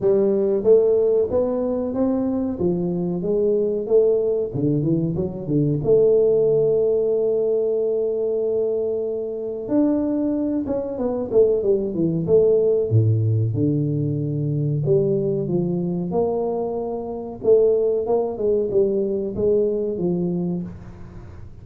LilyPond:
\new Staff \with { instrumentName = "tuba" } { \time 4/4 \tempo 4 = 93 g4 a4 b4 c'4 | f4 gis4 a4 d8 e8 | fis8 d8 a2.~ | a2. d'4~ |
d'8 cis'8 b8 a8 g8 e8 a4 | a,4 d2 g4 | f4 ais2 a4 | ais8 gis8 g4 gis4 f4 | }